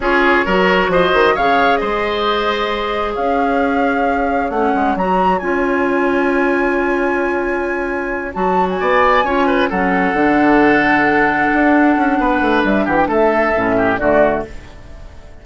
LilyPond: <<
  \new Staff \with { instrumentName = "flute" } { \time 4/4 \tempo 4 = 133 cis''2 dis''4 f''4 | dis''2. f''4~ | f''2 fis''4 ais''4 | gis''1~ |
gis''2~ gis''8 a''8. gis''8.~ | gis''4. fis''2~ fis''8~ | fis''1 | e''8 fis''16 g''16 e''2 d''4 | }
  \new Staff \with { instrumentName = "oboe" } { \time 4/4 gis'4 ais'4 c''4 cis''4 | c''2. cis''4~ | cis''1~ | cis''1~ |
cis''2.~ cis''8 d''8~ | d''8 cis''8 b'8 a'2~ a'8~ | a'2. b'4~ | b'8 g'8 a'4. g'8 fis'4 | }
  \new Staff \with { instrumentName = "clarinet" } { \time 4/4 f'4 fis'2 gis'4~ | gis'1~ | gis'2 cis'4 fis'4 | f'1~ |
f'2~ f'8 fis'4.~ | fis'8 f'4 cis'4 d'4.~ | d'1~ | d'2 cis'4 a4 | }
  \new Staff \with { instrumentName = "bassoon" } { \time 4/4 cis'4 fis4 f8 dis8 cis4 | gis2. cis'4~ | cis'2 a8 gis8 fis4 | cis'1~ |
cis'2~ cis'8 fis4 b8~ | b8 cis'4 fis4 d4.~ | d4. d'4 cis'8 b8 a8 | g8 e8 a4 a,4 d4 | }
>>